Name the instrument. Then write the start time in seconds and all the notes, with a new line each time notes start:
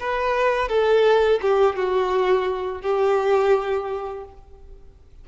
violin
0.00 B4
0.69 A4
1.42 G4
1.76 F#4
2.82 G4